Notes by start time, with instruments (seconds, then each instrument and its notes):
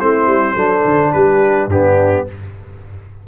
0.00 tuba A3, trombone C4, horn E4, trumpet C5
0.27 tuba G3
0.55 tuba F#3, trombone D4, horn A4
0.85 tuba D3
1.13 tuba G3, horn G4, trumpet B4
1.67 tuba G2, trombone B3, horn D4, trumpet G4